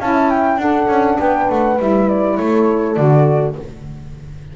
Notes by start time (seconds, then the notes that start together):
0.00 C#4 E4 F5 A5
0.15 E5
0.30 G5
0.57 D4 A4 F#5
0.88 C#4
1.20 B3 B4 G5
1.50 A3 F#5
1.79 G3 E4 E5
2.09 D5
2.37 A3 A4 C#5
2.95 D3 F#4 D5